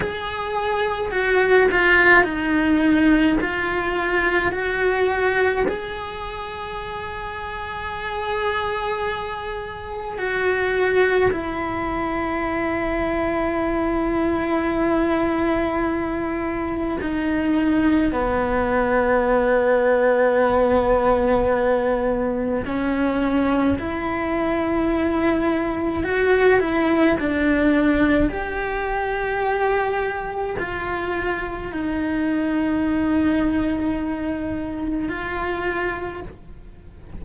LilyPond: \new Staff \with { instrumentName = "cello" } { \time 4/4 \tempo 4 = 53 gis'4 fis'8 f'8 dis'4 f'4 | fis'4 gis'2.~ | gis'4 fis'4 e'2~ | e'2. dis'4 |
b1 | cis'4 e'2 fis'8 e'8 | d'4 g'2 f'4 | dis'2. f'4 | }